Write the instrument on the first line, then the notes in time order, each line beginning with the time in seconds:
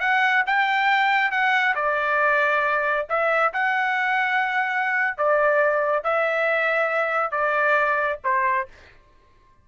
trumpet
0.00 F#5
0.46 G5
1.31 F#5
1.75 D5
3.09 E5
3.53 F#5
5.18 D5
6.03 E5
7.31 D5
8.24 C5